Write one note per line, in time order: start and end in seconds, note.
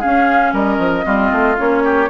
0.00 1.04 C#4
0.00 0.53 C#4
0.00 0.52 G#4
0.00 0.53 F5
0.53 0.78 G3
0.53 1.05 A#4
0.53 1.58 D#5
0.78 1.04 F3
1.04 1.32 G3
1.04 1.56 C4
1.04 1.83 F4
1.32 1.58 A3
1.57 2.10 A#3
1.57 2.09 C#4
1.57 2.10 C#5
1.84 2.10 G4